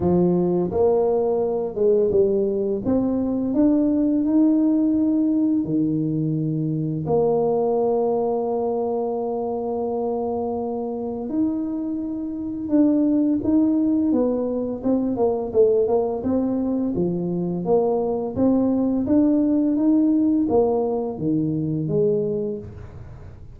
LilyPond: \new Staff \with { instrumentName = "tuba" } { \time 4/4 \tempo 4 = 85 f4 ais4. gis8 g4 | c'4 d'4 dis'2 | dis2 ais2~ | ais1 |
dis'2 d'4 dis'4 | b4 c'8 ais8 a8 ais8 c'4 | f4 ais4 c'4 d'4 | dis'4 ais4 dis4 gis4 | }